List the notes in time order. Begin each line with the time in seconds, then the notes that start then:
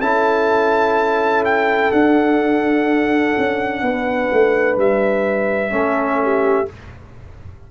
0.00 C#4 E4 A4 A5
1.45 G5
1.92 D4 F#5
3.38 C#4
3.82 B3 B4
4.33 A3
4.77 G3 E5
5.70 A3 C#4 A4
6.24 G4